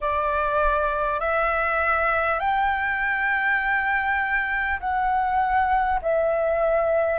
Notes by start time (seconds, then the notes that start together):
0.00 D5
1.19 E5
2.39 G5
4.79 F#5
6.02 E5